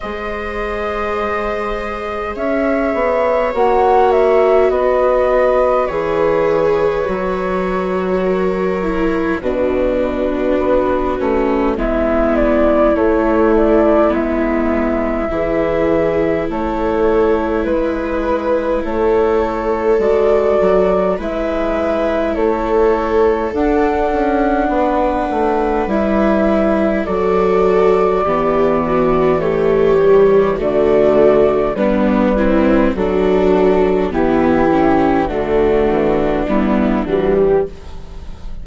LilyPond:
<<
  \new Staff \with { instrumentName = "flute" } { \time 4/4 \tempo 4 = 51 dis''2 e''4 fis''8 e''8 | dis''4 cis''2. | b'2 e''8 d''8 cis''8 d''8 | e''2 cis''4 b'4 |
cis''4 d''4 e''4 cis''4 | fis''2 e''4 d''4~ | d''4 cis''4 d''4 b'4 | a'4 g'4 fis'4 e'8 fis'16 g'16 | }
  \new Staff \with { instrumentName = "viola" } { \time 4/4 c''2 cis''2 | b'2. ais'4 | fis'2 e'2~ | e'4 gis'4 a'4 b'4 |
a'2 b'4 a'4~ | a'4 b'2 a'4 | g'8 fis'8 g'4 fis'4 d'8 e'8 | fis'4 b8 cis'8 d'2 | }
  \new Staff \with { instrumentName = "viola" } { \time 4/4 gis'2. fis'4~ | fis'4 gis'4 fis'4. e'8 | d'4. cis'8 b4 a4 | b4 e'2.~ |
e'4 fis'4 e'2 | d'2 e'4 fis'4 | b4 a8 g8 a4 b8 c'8 | d'4 e'4 a4 b8 g8 | }
  \new Staff \with { instrumentName = "bassoon" } { \time 4/4 gis2 cis'8 b8 ais4 | b4 e4 fis2 | b,4 b8 a8 gis4 a4 | gis4 e4 a4 gis4 |
a4 gis8 fis8 gis4 a4 | d'8 cis'8 b8 a8 g4 fis4 | e2 d4 g4 | fis4 e4 d8 e8 g8 e8 | }
>>